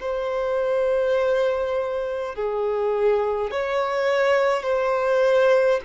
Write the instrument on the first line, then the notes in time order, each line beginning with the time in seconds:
violin
0.00 C5
2.35 G#4
3.51 C#5
4.63 C5